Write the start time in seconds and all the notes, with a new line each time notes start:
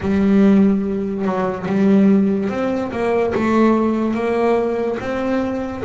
0.00 G3
1.24 F#3
1.67 G3
2.49 C4
2.91 A#3
3.34 A3
4.14 A#3
5.00 C4